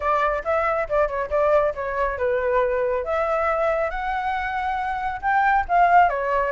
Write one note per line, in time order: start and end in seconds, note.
0.00 0.42 D5
0.44 0.87 E5
0.89 1.08 D5
1.08 1.29 C#5
1.30 1.73 D5
1.75 2.18 C#5
2.18 3.04 B4
3.04 3.90 E5
3.90 5.21 F#5
5.21 5.65 G5
5.68 6.09 F5
6.09 6.51 C#5